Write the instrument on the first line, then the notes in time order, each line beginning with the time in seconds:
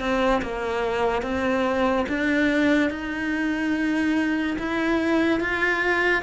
cello
0.00 C4
0.42 A#3
1.22 C4
2.09 D4
2.91 D#4
4.59 E4
5.40 F4